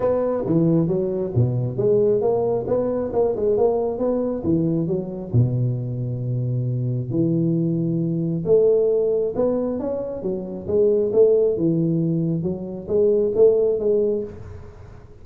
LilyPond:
\new Staff \with { instrumentName = "tuba" } { \time 4/4 \tempo 4 = 135 b4 e4 fis4 b,4 | gis4 ais4 b4 ais8 gis8 | ais4 b4 e4 fis4 | b,1 |
e2. a4~ | a4 b4 cis'4 fis4 | gis4 a4 e2 | fis4 gis4 a4 gis4 | }